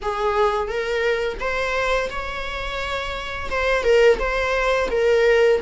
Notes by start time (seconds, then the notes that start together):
0.02 G#4
0.68 A#4
1.40 C5
2.10 C#5
3.50 C5
3.83 A#4
4.19 C5
4.91 A#4